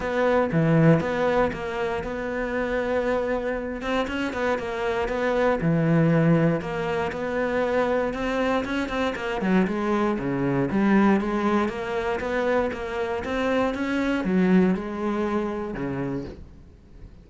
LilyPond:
\new Staff \with { instrumentName = "cello" } { \time 4/4 \tempo 4 = 118 b4 e4 b4 ais4 | b2.~ b8 c'8 | cis'8 b8 ais4 b4 e4~ | e4 ais4 b2 |
c'4 cis'8 c'8 ais8 fis8 gis4 | cis4 g4 gis4 ais4 | b4 ais4 c'4 cis'4 | fis4 gis2 cis4 | }